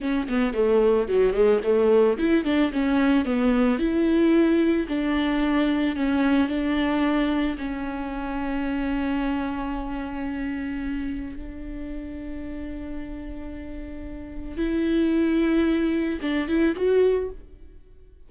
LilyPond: \new Staff \with { instrumentName = "viola" } { \time 4/4 \tempo 4 = 111 cis'8 b8 a4 fis8 gis8 a4 | e'8 d'8 cis'4 b4 e'4~ | e'4 d'2 cis'4 | d'2 cis'2~ |
cis'1~ | cis'4 d'2.~ | d'2. e'4~ | e'2 d'8 e'8 fis'4 | }